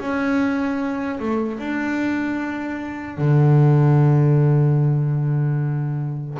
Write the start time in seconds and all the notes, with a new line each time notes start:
0.00 C#4
1.20 A3
1.59 D4
3.18 D3